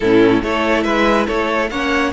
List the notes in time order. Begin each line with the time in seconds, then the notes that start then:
0.00 A2 C#4 E4 A4
0.42 A3 E4 A4 C#5
0.83 G#3 B4 E5
1.26 A3 A4 C#5
1.70 A#3 C#4 C#5 F#5